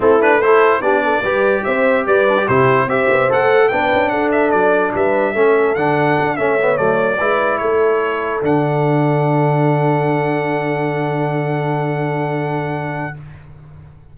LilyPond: <<
  \new Staff \with { instrumentName = "trumpet" } { \time 4/4 \tempo 4 = 146 a'8 b'8 c''4 d''2 | e''4 d''4 c''4 e''4 | fis''4 g''4 fis''8 e''8 d''4 | e''2 fis''4. e''8~ |
e''8 d''2 cis''4.~ | cis''8 fis''2.~ fis''8~ | fis''1~ | fis''1 | }
  \new Staff \with { instrumentName = "horn" } { \time 4/4 e'4 a'4 g'8 a'8 b'4 | c''4 b'4 g'4 c''4~ | c''4 b'4 a'2 | b'4 a'2~ a'8 cis''8~ |
cis''4. b'4 a'4.~ | a'1~ | a'1~ | a'1 | }
  \new Staff \with { instrumentName = "trombone" } { \time 4/4 c'8 d'8 e'4 d'4 g'4~ | g'4. d'16 g'16 e'4 g'4 | a'4 d'2.~ | d'4 cis'4 d'4. cis'8 |
b8 a4 e'2~ e'8~ | e'8 d'2.~ d'8~ | d'1~ | d'1 | }
  \new Staff \with { instrumentName = "tuba" } { \time 4/4 a2 b4 g4 | c'4 g4 c4 c'8 b8 | a4 b8 cis'8 d'4 fis4 | g4 a4 d4 d'8 a8~ |
a8 fis4 gis4 a4.~ | a8 d2.~ d8~ | d1~ | d1 | }
>>